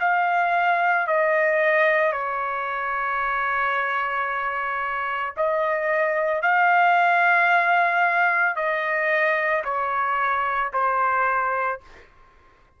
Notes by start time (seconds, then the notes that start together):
0.00 F5
1.07 D#5
2.12 C#5
5.36 D#5
6.41 F5
8.56 D#5
9.64 C#5
10.73 C5